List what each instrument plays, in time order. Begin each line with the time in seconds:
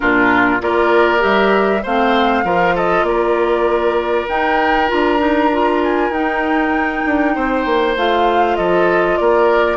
0.00 bassoon A#2, clarinet D4, oboe F4, flute A#4
0.61 bassoon A#3, clarinet F4, oboe A#4, flute D5
1.18 bassoon G3, clarinet G4, flute E5
1.82 bassoon A3, clarinet C4, oboe C5, flute F5
2.43 bassoon F3, clarinet F4, oboe A#4
2.74 oboe A4, flute D#5
3.02 bassoon A#3, oboe A#4, flute D5
4.28 bassoon D#4, clarinet D#4, flute G5
4.87 bassoon D4, clarinet F4, flute A#5
5.18 clarinet D#4
5.52 clarinet F4
5.83 flute G#5
6.09 bassoon D#4, clarinet D#4, flute G5
7.05 bassoon D4
7.35 bassoon C4, oboe C5
7.65 bassoon A#3
7.96 bassoon A3, clarinet F4, flute F5
8.56 bassoon F3, oboe A4, flute D#5
9.17 bassoon A#3, oboe A#4, flute D5